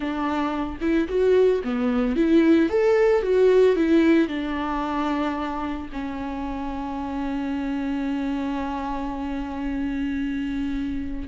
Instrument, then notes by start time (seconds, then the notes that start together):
viola
0.00 D4
0.80 E4
1.08 F#4
1.63 B3
2.16 E4
2.69 A4
3.22 F#4
3.75 E4
4.28 D4
5.92 C#4